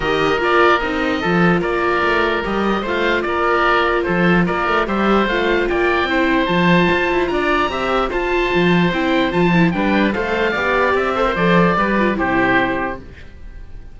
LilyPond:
<<
  \new Staff \with { instrumentName = "oboe" } { \time 4/4 \tempo 4 = 148 dis''4 d''4 dis''2 | d''2 dis''4 f''4 | d''2 c''4 d''4 | e''4 f''4 g''2 |
a''2 ais''2 | a''2 g''4 a''4 | g''4 f''2 e''4 | d''2 c''2 | }
  \new Staff \with { instrumentName = "oboe" } { \time 4/4 ais'2. a'4 | ais'2. c''4 | ais'2 a'4 ais'4 | c''2 d''4 c''4~ |
c''2 d''4 e''4 | c''1 | b'4 c''4 d''4. c''8~ | c''4 b'4 g'2 | }
  \new Staff \with { instrumentName = "viola" } { \time 4/4 g'4 f'4 dis'4 f'4~ | f'2 g'4 f'4~ | f'1 | g'4 f'2 e'4 |
f'2. g'4 | f'2 e'4 f'8 e'8 | d'4 a'4 g'4. a'16 ais'16 | a'4 g'8 f'8 e'2 | }
  \new Staff \with { instrumentName = "cello" } { \time 4/4 dis4 ais4 c'4 f4 | ais4 a4 g4 a4 | ais2 f4 ais8 a8 | g4 a4 ais4 c'4 |
f4 f'8 e'8 d'4 c'4 | f'4 f4 c'4 f4 | g4 a4 b4 c'4 | f4 g4 c2 | }
>>